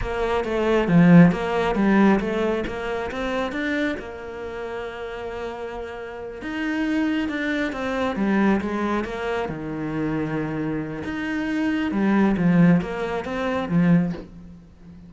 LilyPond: \new Staff \with { instrumentName = "cello" } { \time 4/4 \tempo 4 = 136 ais4 a4 f4 ais4 | g4 a4 ais4 c'4 | d'4 ais2.~ | ais2~ ais8 dis'4.~ |
dis'8 d'4 c'4 g4 gis8~ | gis8 ais4 dis2~ dis8~ | dis4 dis'2 g4 | f4 ais4 c'4 f4 | }